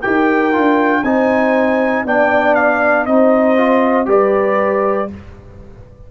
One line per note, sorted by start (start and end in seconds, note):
0.00 0.57 D#4
0.00 0.53 G4
0.00 1.02 A#4
0.00 1.03 G5
0.53 1.03 D4
0.53 1.03 F4
1.03 2.04 C4
1.03 2.06 D#4
1.03 2.06 C5
1.03 2.05 G#5
2.05 3.06 B3
2.05 3.08 D4
2.05 3.06 D5
2.05 2.54 G5
2.54 3.05 F5
3.06 4.07 C4
3.06 3.57 D#4
3.06 4.07 C5
3.06 4.07 D#5
3.57 4.06 F4
4.06 5.08 G3
4.06 5.07 G4
4.06 5.09 B4
4.06 5.11 D5